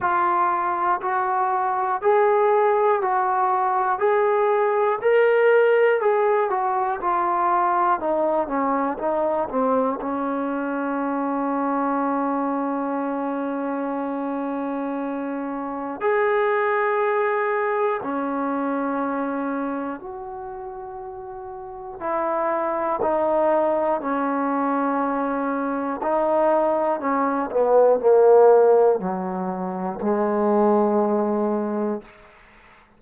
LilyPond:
\new Staff \with { instrumentName = "trombone" } { \time 4/4 \tempo 4 = 60 f'4 fis'4 gis'4 fis'4 | gis'4 ais'4 gis'8 fis'8 f'4 | dis'8 cis'8 dis'8 c'8 cis'2~ | cis'1 |
gis'2 cis'2 | fis'2 e'4 dis'4 | cis'2 dis'4 cis'8 b8 | ais4 fis4 gis2 | }